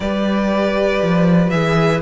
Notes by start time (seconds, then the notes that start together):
0.00 G3 G4 B4 D5
1.02 F3
1.50 E3 G#4 E5